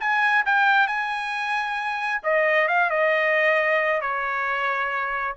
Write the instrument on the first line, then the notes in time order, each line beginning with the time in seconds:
trumpet
0.00 G#5
0.46 G5
0.87 G#5
2.23 D#5
2.68 F5
2.90 D#5
4.01 C#5